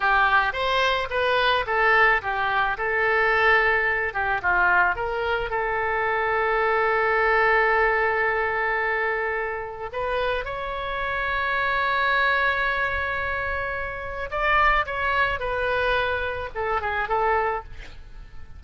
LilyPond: \new Staff \with { instrumentName = "oboe" } { \time 4/4 \tempo 4 = 109 g'4 c''4 b'4 a'4 | g'4 a'2~ a'8 g'8 | f'4 ais'4 a'2~ | a'1~ |
a'2 b'4 cis''4~ | cis''1~ | cis''2 d''4 cis''4 | b'2 a'8 gis'8 a'4 | }